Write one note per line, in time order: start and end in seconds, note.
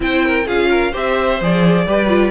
0.00 0.47 C4
0.00 0.46 E4
0.00 0.26 C5
0.00 0.47 G5
0.26 0.45 A#4
0.45 0.93 C#4
0.45 0.92 F4
0.45 0.69 G#4
0.45 0.94 F5
0.70 0.91 A#4
0.91 1.40 C4
0.91 1.38 G4
0.91 1.84 C5
0.91 1.42 E5
1.40 1.86 F3
1.40 1.87 G#4
1.40 2.31 D5
1.86 2.31 G3
1.86 2.08 G4
1.86 2.31 B4
2.08 2.31 F4